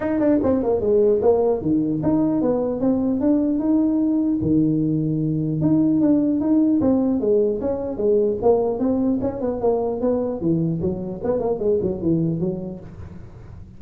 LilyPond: \new Staff \with { instrumentName = "tuba" } { \time 4/4 \tempo 4 = 150 dis'8 d'8 c'8 ais8 gis4 ais4 | dis4 dis'4 b4 c'4 | d'4 dis'2 dis4~ | dis2 dis'4 d'4 |
dis'4 c'4 gis4 cis'4 | gis4 ais4 c'4 cis'8 b8 | ais4 b4 e4 fis4 | b8 ais8 gis8 fis8 e4 fis4 | }